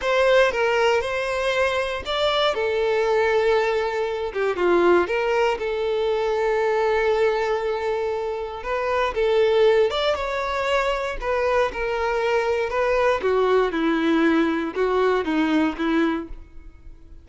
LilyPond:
\new Staff \with { instrumentName = "violin" } { \time 4/4 \tempo 4 = 118 c''4 ais'4 c''2 | d''4 a'2.~ | a'8 g'8 f'4 ais'4 a'4~ | a'1~ |
a'4 b'4 a'4. d''8 | cis''2 b'4 ais'4~ | ais'4 b'4 fis'4 e'4~ | e'4 fis'4 dis'4 e'4 | }